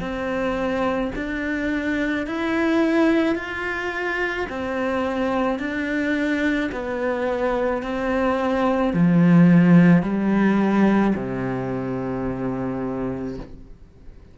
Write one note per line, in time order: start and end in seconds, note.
0.00 1.11 C4
1.15 2.26 D4
2.26 3.35 E4
3.35 4.46 F4
4.49 5.59 C4
5.59 6.70 D4
6.72 7.83 B3
7.83 8.93 C4
8.93 10.03 F3
10.03 11.14 G3
11.15 13.37 C3